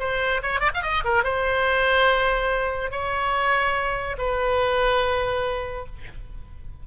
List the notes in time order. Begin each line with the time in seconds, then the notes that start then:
0.00 C5
0.43 C#5
0.61 D5
0.75 F5
0.83 D#5
1.05 A#4
1.24 C5
2.92 C#5
4.19 B4